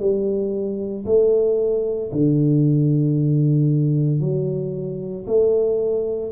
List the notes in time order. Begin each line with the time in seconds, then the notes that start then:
0.00 G3
1.06 A3
2.12 D3
4.21 F#3
5.27 A3